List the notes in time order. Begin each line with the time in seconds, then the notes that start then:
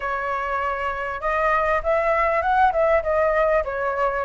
0.00 C#5
1.21 D#5
1.83 E5
2.41 F#5
2.72 E5
3.02 D#5
3.64 C#5